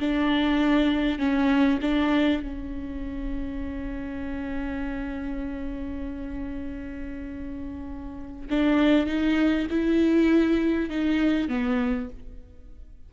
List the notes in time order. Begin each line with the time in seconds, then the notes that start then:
0.00 D4
1.19 C#4
1.82 D4
2.42 C#4
8.50 D4
9.07 D#4
9.70 E4
10.90 D#4
11.49 B3